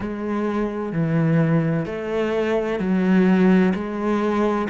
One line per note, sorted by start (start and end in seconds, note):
0.00 0.92 G#3
0.92 1.85 E3
1.85 2.79 A3
2.79 3.73 F#3
3.74 4.68 G#3